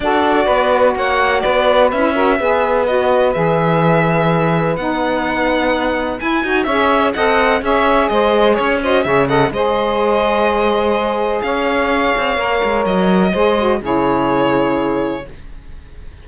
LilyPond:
<<
  \new Staff \with { instrumentName = "violin" } { \time 4/4 \tempo 4 = 126 d''2 fis''4 d''4 | e''2 dis''4 e''4~ | e''2 fis''2~ | fis''4 gis''4 e''4 fis''4 |
e''4 dis''4 cis''8 dis''8 e''8 fis''8 | dis''1 | f''2. dis''4~ | dis''4 cis''2. | }
  \new Staff \with { instrumentName = "saxophone" } { \time 4/4 a'4 b'4 cis''4 b'4~ | b'8 ais'8 b'2.~ | b'1~ | b'2 cis''4 dis''4 |
cis''4 c''4 cis''8 c''8 cis''8 dis''8 | c''1 | cis''1 | c''4 gis'2. | }
  \new Staff \with { instrumentName = "saxophone" } { \time 4/4 fis'1 | e'8 fis'8 gis'4 fis'4 gis'4~ | gis'2 dis'2~ | dis'4 e'8 fis'8 gis'4 a'4 |
gis'2~ gis'8 fis'8 gis'8 a'8 | gis'1~ | gis'2 ais'2 | gis'8 fis'8 e'2. | }
  \new Staff \with { instrumentName = "cello" } { \time 4/4 d'4 b4 ais4 b4 | cis'4 b2 e4~ | e2 b2~ | b4 e'8 dis'8 cis'4 c'4 |
cis'4 gis4 cis'4 cis4 | gis1 | cis'4. c'8 ais8 gis8 fis4 | gis4 cis2. | }
>>